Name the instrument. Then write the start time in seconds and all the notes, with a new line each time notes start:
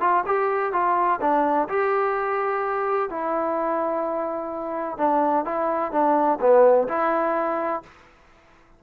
trombone
0.00 F4
0.26 G4
0.73 F4
1.21 D4
1.68 G4
3.09 E4
4.98 D4
5.45 E4
5.92 D4
6.41 B3
6.88 E4